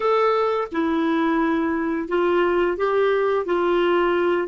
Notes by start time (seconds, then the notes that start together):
0.00 A4
0.71 E4
2.08 F4
2.77 G4
3.45 F4